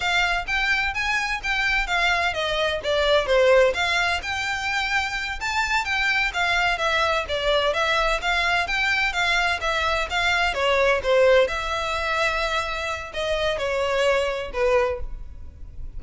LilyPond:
\new Staff \with { instrumentName = "violin" } { \time 4/4 \tempo 4 = 128 f''4 g''4 gis''4 g''4 | f''4 dis''4 d''4 c''4 | f''4 g''2~ g''8 a''8~ | a''8 g''4 f''4 e''4 d''8~ |
d''8 e''4 f''4 g''4 f''8~ | f''8 e''4 f''4 cis''4 c''8~ | c''8 e''2.~ e''8 | dis''4 cis''2 b'4 | }